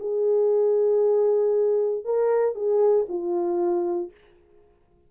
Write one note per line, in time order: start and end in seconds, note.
0.00 2.05 G#4
2.05 2.55 A#4
2.55 3.07 G#4
3.09 4.12 F4